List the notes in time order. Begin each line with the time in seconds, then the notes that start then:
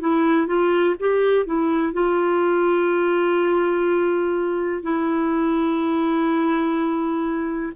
0.00 E4
0.47 F4
0.99 G4
1.45 E4
1.93 F4
4.82 E4